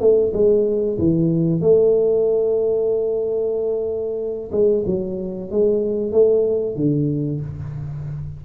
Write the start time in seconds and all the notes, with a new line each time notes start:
0.00 A3
0.33 G#3
0.98 E3
1.60 A3
4.51 G#3
4.86 F#3
5.51 G#3
6.12 A3
6.76 D3